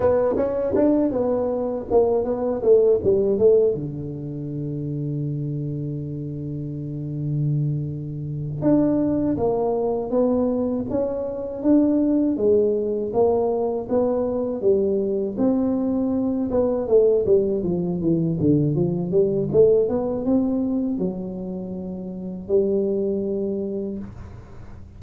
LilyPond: \new Staff \with { instrumentName = "tuba" } { \time 4/4 \tempo 4 = 80 b8 cis'8 d'8 b4 ais8 b8 a8 | g8 a8 d2.~ | d2.~ d8 d'8~ | d'8 ais4 b4 cis'4 d'8~ |
d'8 gis4 ais4 b4 g8~ | g8 c'4. b8 a8 g8 f8 | e8 d8 f8 g8 a8 b8 c'4 | fis2 g2 | }